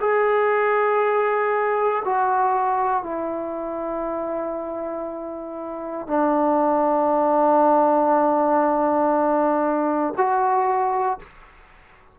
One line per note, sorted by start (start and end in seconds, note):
0.00 2.03 G#4
2.05 3.03 F#4
3.03 6.07 E4
6.07 10.14 D4
10.17 11.19 F#4